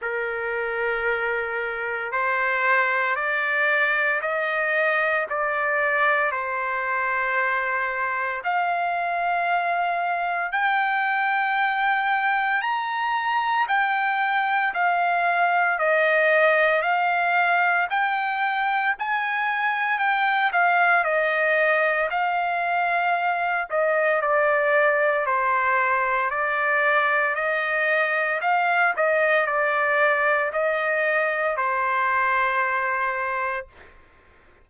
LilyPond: \new Staff \with { instrumentName = "trumpet" } { \time 4/4 \tempo 4 = 57 ais'2 c''4 d''4 | dis''4 d''4 c''2 | f''2 g''2 | ais''4 g''4 f''4 dis''4 |
f''4 g''4 gis''4 g''8 f''8 | dis''4 f''4. dis''8 d''4 | c''4 d''4 dis''4 f''8 dis''8 | d''4 dis''4 c''2 | }